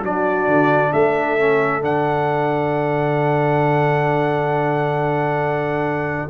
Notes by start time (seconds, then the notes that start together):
0.00 F#3 D4 F#4 D5
0.48 D3
0.93 A3 A4 E5
1.39 C#4
1.82 D3 D4 F#5